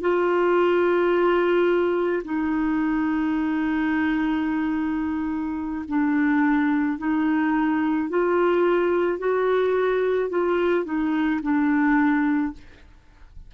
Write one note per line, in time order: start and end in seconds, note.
0.00 2.22 F4
2.24 5.85 D#4
5.88 6.98 D4
6.98 8.09 D#4
8.09 9.18 F4
9.18 10.29 F#4
10.29 10.84 F4
10.84 11.40 D#4
11.41 12.53 D4